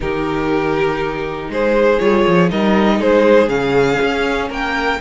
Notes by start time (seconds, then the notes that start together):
0.00 D#3 D#4 G4 A#4
1.49 G#3 G#4 C5
1.99 G3 F4 C#5
2.26 F3
2.49 G3 D#4 A#4 D#5
2.99 G#3 G#4 C5
3.48 C#3 C#4 F5
4.02 C#4
4.49 A#3 A#4 G5